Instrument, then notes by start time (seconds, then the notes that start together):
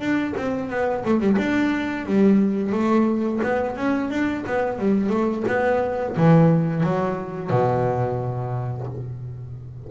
double bass
0.00 D4
0.37 C4
0.70 B3
1.05 A3
1.21 G3
1.38 D4
2.06 G3
2.72 A3
3.44 B3
3.77 C#4
4.11 D4
4.47 B3
4.79 G3
5.10 A3
5.48 B3
6.17 E3
6.84 F#3
7.51 B2